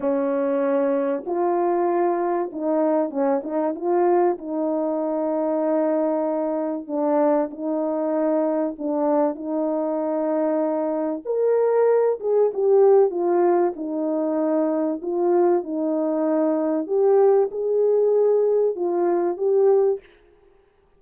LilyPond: \new Staff \with { instrumentName = "horn" } { \time 4/4 \tempo 4 = 96 cis'2 f'2 | dis'4 cis'8 dis'8 f'4 dis'4~ | dis'2. d'4 | dis'2 d'4 dis'4~ |
dis'2 ais'4. gis'8 | g'4 f'4 dis'2 | f'4 dis'2 g'4 | gis'2 f'4 g'4 | }